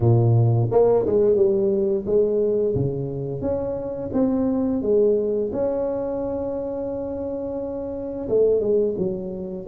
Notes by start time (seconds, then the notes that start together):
0.00 A#2
0.71 A#3
1.05 G#3
1.36 G3
2.06 G#3
2.75 C#3
3.41 C#4
4.13 C4
4.82 G#3
5.52 C#4
8.28 A3
8.60 G#3
8.97 F#3